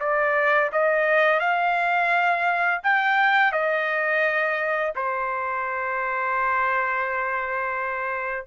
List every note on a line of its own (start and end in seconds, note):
0.00 0.71 D5
0.73 1.40 D#5
1.40 2.81 F5
2.83 3.52 G5
3.52 4.93 D#5
4.96 8.47 C5